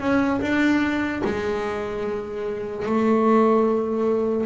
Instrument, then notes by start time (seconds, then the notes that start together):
double bass
0.00 C#4
0.41 D4
1.24 G#3
2.86 A3